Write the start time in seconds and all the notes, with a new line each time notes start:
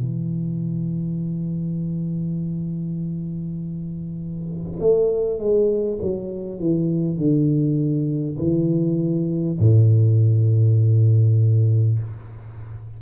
0.00 E3
4.79 A3
5.39 G#3
6.02 F#3
6.59 E3
7.17 D3
8.38 E3
9.59 A2